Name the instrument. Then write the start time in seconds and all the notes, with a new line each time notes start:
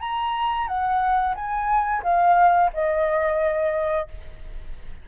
flute
0.00 A#5
0.67 F#5
1.35 G#5
2.03 F5
2.73 D#5